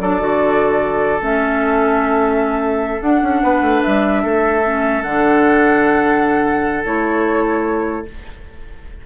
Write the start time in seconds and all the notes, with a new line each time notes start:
0.00 F#3 D4 A4 D5
0.20 D3 F#4
1.21 A3 C#4 E5
3.01 D4 F#5
3.23 C#4
3.43 B3 B4
3.61 A3
3.83 G3 E5
4.23 A3 A4
4.65 C#4
5.03 D3 D4 F#5
6.85 A3 E4 C#5